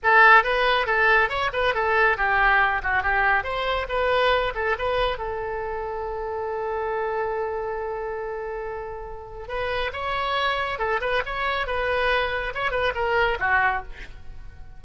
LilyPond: \new Staff \with { instrumentName = "oboe" } { \time 4/4 \tempo 4 = 139 a'4 b'4 a'4 cis''8 b'8 | a'4 g'4. fis'8 g'4 | c''4 b'4. a'8 b'4 | a'1~ |
a'1~ | a'2 b'4 cis''4~ | cis''4 a'8 b'8 cis''4 b'4~ | b'4 cis''8 b'8 ais'4 fis'4 | }